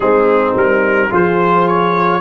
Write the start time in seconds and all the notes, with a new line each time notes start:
0.00 G#3 C4 D#4 G#4
0.55 G3 A#4
1.10 F3 F4 G#4 C5
1.68 C#5